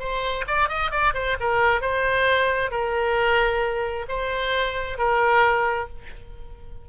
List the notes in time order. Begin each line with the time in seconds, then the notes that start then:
0.00 C5
0.48 D5
0.69 D#5
0.92 D5
1.15 C5
1.40 A#4
1.82 C5
2.71 A#4
4.09 C5
4.99 A#4